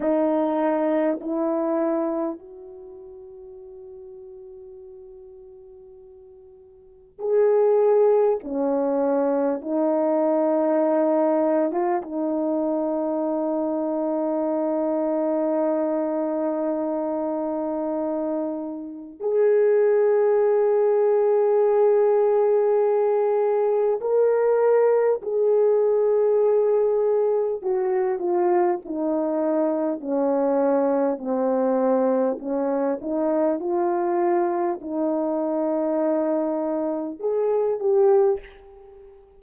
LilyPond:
\new Staff \with { instrumentName = "horn" } { \time 4/4 \tempo 4 = 50 dis'4 e'4 fis'2~ | fis'2 gis'4 cis'4 | dis'4.~ dis'16 f'16 dis'2~ | dis'1 |
gis'1 | ais'4 gis'2 fis'8 f'8 | dis'4 cis'4 c'4 cis'8 dis'8 | f'4 dis'2 gis'8 g'8 | }